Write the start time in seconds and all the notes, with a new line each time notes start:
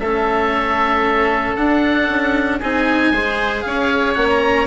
0.00 A3 C#4 A4 E5
1.56 D4 F#5
2.09 C#4
2.59 C4 D#4 G#4 G#5
3.12 G#3 G#4 C5
3.62 C#4 C#5 F5
4.14 A#3 C#4 F#5
4.30 A#5